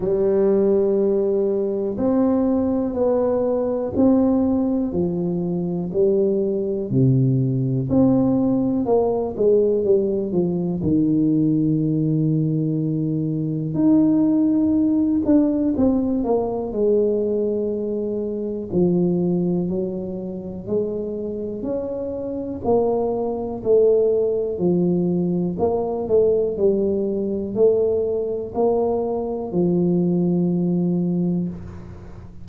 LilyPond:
\new Staff \with { instrumentName = "tuba" } { \time 4/4 \tempo 4 = 61 g2 c'4 b4 | c'4 f4 g4 c4 | c'4 ais8 gis8 g8 f8 dis4~ | dis2 dis'4. d'8 |
c'8 ais8 gis2 f4 | fis4 gis4 cis'4 ais4 | a4 f4 ais8 a8 g4 | a4 ais4 f2 | }